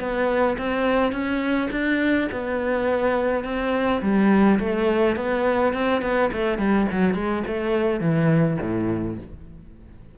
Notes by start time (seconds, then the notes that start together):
0.00 B3
0.58 C4
1.12 C#4
1.71 D4
2.32 B3
3.44 C4
4.02 G3
4.60 A3
5.16 B3
5.74 C4
6.02 B3
6.33 A3
6.58 G3
6.91 F#3
7.15 G#3
7.47 A3
8.00 E3
8.61 A2